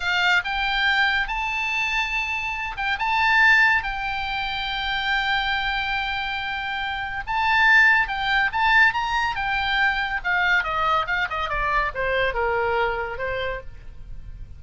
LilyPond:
\new Staff \with { instrumentName = "oboe" } { \time 4/4 \tempo 4 = 141 f''4 g''2 a''4~ | a''2~ a''8 g''8 a''4~ | a''4 g''2.~ | g''1~ |
g''4 a''2 g''4 | a''4 ais''4 g''2 | f''4 dis''4 f''8 dis''8 d''4 | c''4 ais'2 c''4 | }